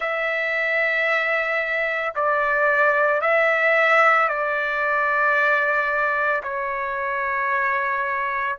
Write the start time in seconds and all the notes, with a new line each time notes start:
0.00 E5
2.15 D5
3.21 E5
4.28 D5
6.43 C#5